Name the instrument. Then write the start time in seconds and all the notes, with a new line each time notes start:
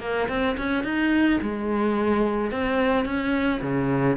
cello
0.00 A#3
0.29 C4
0.58 C#4
0.84 D#4
1.42 G#3
2.51 C4
3.05 C#4
3.62 C#3